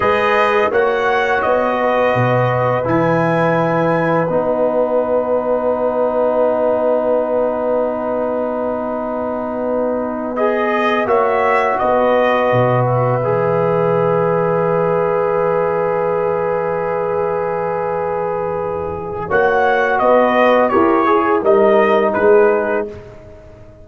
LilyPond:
<<
  \new Staff \with { instrumentName = "trumpet" } { \time 4/4 \tempo 4 = 84 dis''4 fis''4 dis''2 | gis''2 fis''2~ | fis''1~ | fis''2~ fis''8 dis''4 e''8~ |
e''8 dis''4. e''2~ | e''1~ | e''2. fis''4 | dis''4 cis''4 dis''4 b'4 | }
  \new Staff \with { instrumentName = "horn" } { \time 4/4 b'4 cis''4. b'4.~ | b'1~ | b'1~ | b'2.~ b'8 cis''8~ |
cis''8 b'2.~ b'8~ | b'1~ | b'2. cis''4 | b'4 ais'8 gis'8 ais'4 gis'4 | }
  \new Staff \with { instrumentName = "trombone" } { \time 4/4 gis'4 fis'2. | e'2 dis'2~ | dis'1~ | dis'2~ dis'8 gis'4 fis'8~ |
fis'2~ fis'8 gis'4.~ | gis'1~ | gis'2. fis'4~ | fis'4 g'8 gis'8 dis'2 | }
  \new Staff \with { instrumentName = "tuba" } { \time 4/4 gis4 ais4 b4 b,4 | e2 b2~ | b1~ | b2.~ b8 ais8~ |
ais8 b4 b,4 e4.~ | e1~ | e2. ais4 | b4 e'4 g4 gis4 | }
>>